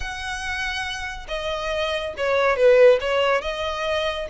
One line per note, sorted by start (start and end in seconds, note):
0.00 1.26 F#5
1.28 2.14 D#5
2.17 2.56 C#5
2.56 2.99 B4
3.00 3.41 C#5
3.41 4.27 D#5